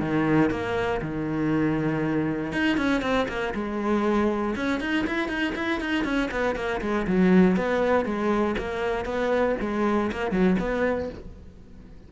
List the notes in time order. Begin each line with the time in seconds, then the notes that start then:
0.00 D#3
0.50 A#3
1.02 D#3
2.52 D#4
2.77 C#4
3.02 C4
3.28 A#3
3.54 G#3
4.56 C#4
4.80 D#4
5.07 E4
5.28 D#4
5.55 E4
5.80 D#4
6.04 C#4
6.31 B3
6.55 A#3
6.81 G#3
7.07 F#3
7.57 B3
8.05 G#3
8.58 A#3
9.05 B3
9.61 G#3
10.12 A#3
10.31 F#3
10.59 B3